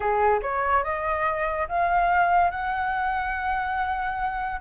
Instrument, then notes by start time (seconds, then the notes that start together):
flute
0.00 G#4
0.42 C#5
0.83 D#5
1.68 F5
2.51 F#5